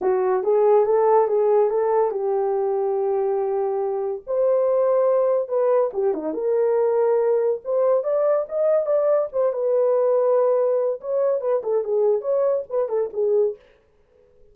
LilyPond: \new Staff \with { instrumentName = "horn" } { \time 4/4 \tempo 4 = 142 fis'4 gis'4 a'4 gis'4 | a'4 g'2.~ | g'2 c''2~ | c''4 b'4 g'8 dis'8 ais'4~ |
ais'2 c''4 d''4 | dis''4 d''4 c''8 b'4.~ | b'2 cis''4 b'8 a'8 | gis'4 cis''4 b'8 a'8 gis'4 | }